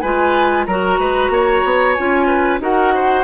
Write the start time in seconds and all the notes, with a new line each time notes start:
0.00 G#3 F4 B4 G#5
0.66 F#3 F#4 A#4 A#5
0.98 G#3 B4
1.29 A#3 C#5
1.64 B3
1.94 C#4 F4 G#5
2.27 B4
2.60 D#4 F#4 A#4 F#5
2.94 C5